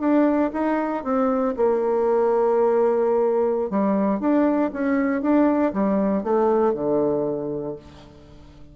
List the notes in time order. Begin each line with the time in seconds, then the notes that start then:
0.00 D4
0.53 D#4
1.04 C4
1.57 A#3
3.71 G3
4.20 D4
4.73 C#4
5.22 D4
5.73 G3
6.24 A3
6.74 D3